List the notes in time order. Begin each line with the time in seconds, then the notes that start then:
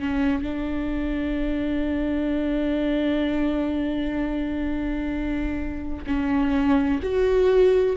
0.00 C#4
0.43 D4
6.07 C#4
7.03 F#4